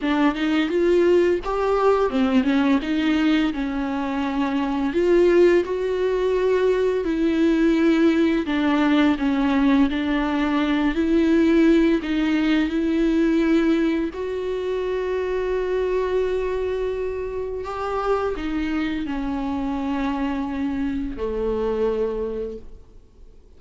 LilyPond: \new Staff \with { instrumentName = "viola" } { \time 4/4 \tempo 4 = 85 d'8 dis'8 f'4 g'4 c'8 cis'8 | dis'4 cis'2 f'4 | fis'2 e'2 | d'4 cis'4 d'4. e'8~ |
e'4 dis'4 e'2 | fis'1~ | fis'4 g'4 dis'4 cis'4~ | cis'2 a2 | }